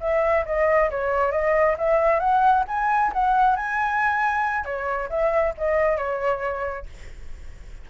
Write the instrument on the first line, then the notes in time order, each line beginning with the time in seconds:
flute
0.00 E5
0.45 D#5
0.90 C#5
1.31 D#5
1.78 E5
2.19 F#5
2.67 G#5
3.12 F#5
3.56 G#5
4.64 C#5
5.09 E5
5.57 D#5
5.97 C#5